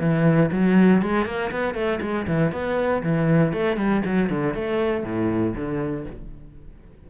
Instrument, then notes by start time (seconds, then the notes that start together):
cello
0.00 E3
0.52 F#3
1.02 G#3
1.26 A#3
1.51 B3
1.75 A3
2.01 G#3
2.28 E3
2.52 B3
3.03 E3
3.53 A3
3.77 G3
4.05 F#3
4.30 D3
4.55 A3
5.04 A2
5.56 D3